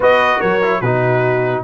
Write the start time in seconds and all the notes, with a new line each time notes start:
0.00 B3 F#4 B4 D#5
0.39 F#3 A#4 C#5
0.62 E4
0.81 B2 D#4 F#4 B4